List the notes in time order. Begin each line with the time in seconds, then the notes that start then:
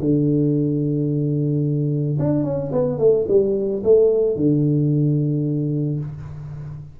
0.00 D3
2.19 D4
2.43 C#4
2.72 B3
2.98 A3
3.28 G3
3.83 A3
4.36 D3